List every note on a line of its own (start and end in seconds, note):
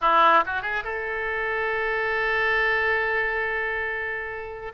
0.01 0.44 E4
0.46 0.61 F#4
0.61 0.83 G#4
0.83 4.72 A4